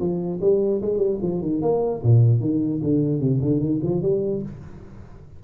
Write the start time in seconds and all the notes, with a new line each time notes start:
0.00 F3
0.41 G3
0.82 G#3
0.98 G3
1.22 F3
1.42 D#3
1.62 A#3
2.04 A#2
2.41 D#3
2.84 D3
3.20 C3
3.42 D3
3.60 D#3
3.83 F3
4.02 G3